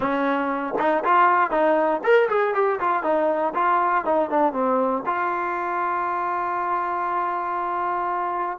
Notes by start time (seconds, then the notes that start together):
0.00 C#4
0.78 D#4
1.04 F4
1.50 D#4
2.03 A#4
2.29 G#4
2.54 G4
2.80 F4
3.03 D#4
3.54 F4
4.04 D#4
4.30 D4
4.52 C4
5.06 F4